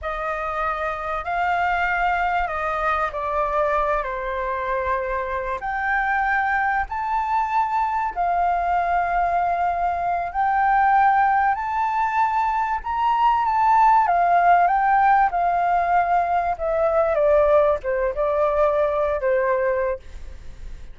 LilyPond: \new Staff \with { instrumentName = "flute" } { \time 4/4 \tempo 4 = 96 dis''2 f''2 | dis''4 d''4. c''4.~ | c''4 g''2 a''4~ | a''4 f''2.~ |
f''8 g''2 a''4.~ | a''8 ais''4 a''4 f''4 g''8~ | g''8 f''2 e''4 d''8~ | d''8 c''8 d''4.~ d''16 c''4~ c''16 | }